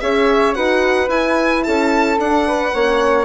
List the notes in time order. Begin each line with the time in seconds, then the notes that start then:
0.00 C#4 G#4 C#5 E5
0.54 D#4 F#4 B4 F#5
1.08 E4 G#5
1.63 C#4 A4 A5
2.18 D4 F#5
2.47 B4
2.74 A#3 C#4 C#5